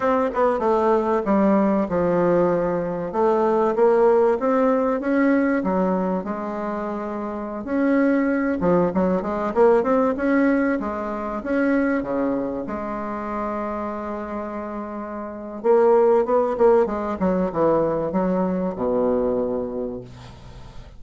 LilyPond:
\new Staff \with { instrumentName = "bassoon" } { \time 4/4 \tempo 4 = 96 c'8 b8 a4 g4 f4~ | f4 a4 ais4 c'4 | cis'4 fis4 gis2~ | gis16 cis'4. f8 fis8 gis8 ais8 c'16~ |
c'16 cis'4 gis4 cis'4 cis8.~ | cis16 gis2.~ gis8.~ | gis4 ais4 b8 ais8 gis8 fis8 | e4 fis4 b,2 | }